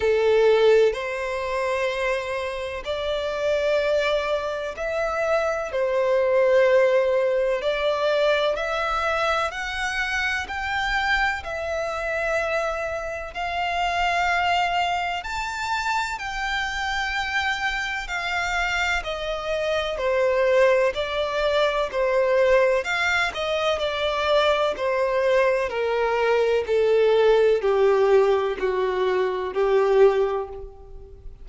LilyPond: \new Staff \with { instrumentName = "violin" } { \time 4/4 \tempo 4 = 63 a'4 c''2 d''4~ | d''4 e''4 c''2 | d''4 e''4 fis''4 g''4 | e''2 f''2 |
a''4 g''2 f''4 | dis''4 c''4 d''4 c''4 | f''8 dis''8 d''4 c''4 ais'4 | a'4 g'4 fis'4 g'4 | }